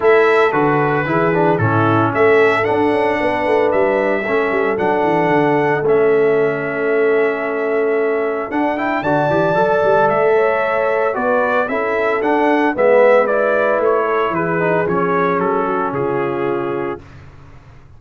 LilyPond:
<<
  \new Staff \with { instrumentName = "trumpet" } { \time 4/4 \tempo 4 = 113 e''4 b'2 a'4 | e''4 fis''2 e''4~ | e''4 fis''2 e''4~ | e''1 |
fis''8 g''8 a''2 e''4~ | e''4 d''4 e''4 fis''4 | e''4 d''4 cis''4 b'4 | cis''4 a'4 gis'2 | }
  \new Staff \with { instrumentName = "horn" } { \time 4/4 a'2 gis'4 e'4 | a'2 b'2 | a'1~ | a'1~ |
a'4 d''2~ d''8 cis''8~ | cis''4 b'4 a'2 | b'2~ b'8 a'8 gis'4~ | gis'4. fis'8 f'2 | }
  \new Staff \with { instrumentName = "trombone" } { \time 4/4 e'4 fis'4 e'8 d'8 cis'4~ | cis'4 d'2. | cis'4 d'2 cis'4~ | cis'1 |
d'8 e'8 fis'8 g'8 a'2~ | a'4 fis'4 e'4 d'4 | b4 e'2~ e'8 dis'8 | cis'1 | }
  \new Staff \with { instrumentName = "tuba" } { \time 4/4 a4 d4 e4 a,4 | a4 d'8 cis'8 b8 a8 g4 | a8 g8 fis8 e8 d4 a4~ | a1 |
d'4 d8 e8 fis8 g8 a4~ | a4 b4 cis'4 d'4 | gis2 a4 e4 | f4 fis4 cis2 | }
>>